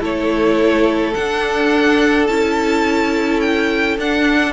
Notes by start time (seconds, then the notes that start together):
0.00 A3 E4 A4 C#5
1.14 D4 F#5
2.26 C#4 E4 A5
3.40 G5
3.97 D4 F#5